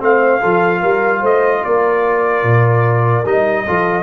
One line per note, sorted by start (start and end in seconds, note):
0.00 0.42 A3
0.00 0.41 C4
0.00 0.41 C5
0.00 1.26 F5
0.41 0.83 F3
0.41 3.25 F4
0.41 0.82 A4
0.82 1.23 G3
0.82 1.21 A#4
1.21 1.63 A3
1.21 1.62 C5
1.21 1.65 D#5
1.65 2.43 A#3
1.65 3.66 A#4
1.65 3.27 D5
2.43 3.24 A#2
3.26 3.66 G3
3.26 3.67 D#4
3.26 4.04 D#5
3.66 4.04 F3
3.66 4.04 F4
3.66 4.04 A4